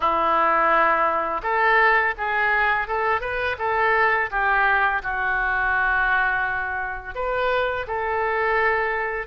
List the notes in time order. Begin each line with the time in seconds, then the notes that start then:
0.00 E4
1.43 A4
2.17 G#4
2.87 A4
3.20 B4
3.58 A4
4.31 G4
5.02 F#4
7.14 B4
7.87 A4